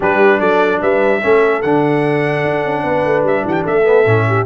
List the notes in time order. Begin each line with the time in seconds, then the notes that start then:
0.00 G3 D4 G4 B4
0.39 F#3 A4 D5
0.81 G3 B4 E5
1.21 A3 C#4 A4
1.62 D3 D4 F#5
2.44 D4
2.65 C#4
2.83 B3 B4
3.05 A3
3.23 G3 E5
3.44 E3 G4 F#5
3.52 G5
3.64 A3 A4 E5
3.83 B3
4.05 A2 C#4
4.27 G4